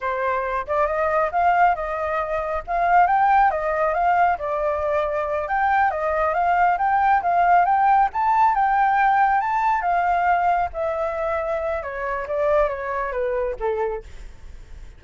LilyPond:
\new Staff \with { instrumentName = "flute" } { \time 4/4 \tempo 4 = 137 c''4. d''8 dis''4 f''4 | dis''2 f''4 g''4 | dis''4 f''4 d''2~ | d''8 g''4 dis''4 f''4 g''8~ |
g''8 f''4 g''4 a''4 g''8~ | g''4. a''4 f''4.~ | f''8 e''2~ e''8 cis''4 | d''4 cis''4 b'4 a'4 | }